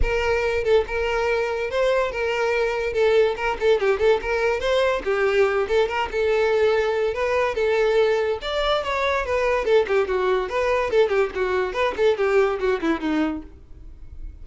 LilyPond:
\new Staff \with { instrumentName = "violin" } { \time 4/4 \tempo 4 = 143 ais'4. a'8 ais'2 | c''4 ais'2 a'4 | ais'8 a'8 g'8 a'8 ais'4 c''4 | g'4. a'8 ais'8 a'4.~ |
a'4 b'4 a'2 | d''4 cis''4 b'4 a'8 g'8 | fis'4 b'4 a'8 g'8 fis'4 | b'8 a'8 g'4 fis'8 e'8 dis'4 | }